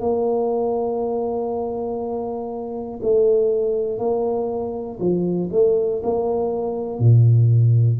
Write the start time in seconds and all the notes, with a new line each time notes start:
0.00 A#3
3.02 A3
3.98 A#3
5.00 F3
5.51 A3
6.03 A#3
6.99 A#2